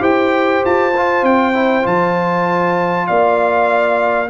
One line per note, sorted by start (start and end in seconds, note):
0.00 0.62 E4
0.00 0.92 G4
0.00 3.07 C5
0.00 0.64 G5
0.65 1.22 F4
0.65 1.25 A5
0.96 1.53 F4
1.22 1.84 C4
1.22 1.86 G5
1.53 1.82 E4
1.82 3.08 F3
1.82 4.27 F4
1.82 3.07 A5
3.07 4.30 A#3
3.07 4.30 D5
3.07 4.29 F5